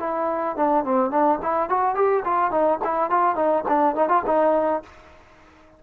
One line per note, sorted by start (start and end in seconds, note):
0.00 0.57 E4
0.57 0.84 D4
0.84 1.11 C4
1.11 1.39 D4
1.43 1.70 E4
1.70 1.95 F#4
1.95 2.24 G4
2.25 2.51 F4
2.51 2.80 D#4
2.85 3.11 E4
3.11 3.36 F4
3.36 3.64 D#4
3.68 3.96 D4
3.96 4.09 D#4
4.09 4.23 F4
4.26 4.83 D#4